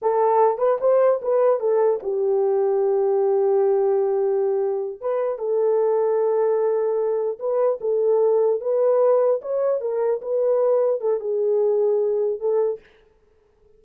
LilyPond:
\new Staff \with { instrumentName = "horn" } { \time 4/4 \tempo 4 = 150 a'4. b'8 c''4 b'4 | a'4 g'2.~ | g'1~ | g'8 b'4 a'2~ a'8~ |
a'2~ a'8 b'4 a'8~ | a'4. b'2 cis''8~ | cis''8 ais'4 b'2 a'8 | gis'2. a'4 | }